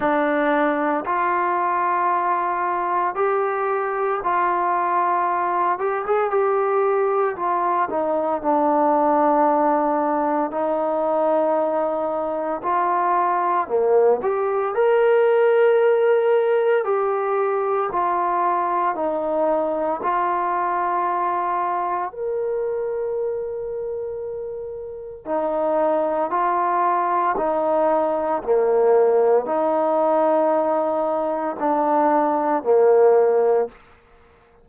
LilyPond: \new Staff \with { instrumentName = "trombone" } { \time 4/4 \tempo 4 = 57 d'4 f'2 g'4 | f'4. g'16 gis'16 g'4 f'8 dis'8 | d'2 dis'2 | f'4 ais8 g'8 ais'2 |
g'4 f'4 dis'4 f'4~ | f'4 ais'2. | dis'4 f'4 dis'4 ais4 | dis'2 d'4 ais4 | }